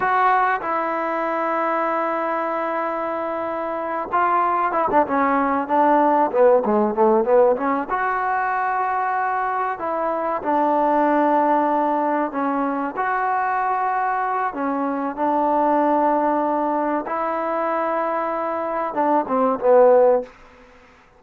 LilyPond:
\new Staff \with { instrumentName = "trombone" } { \time 4/4 \tempo 4 = 95 fis'4 e'2.~ | e'2~ e'8 f'4 e'16 d'16 | cis'4 d'4 b8 gis8 a8 b8 | cis'8 fis'2. e'8~ |
e'8 d'2. cis'8~ | cis'8 fis'2~ fis'8 cis'4 | d'2. e'4~ | e'2 d'8 c'8 b4 | }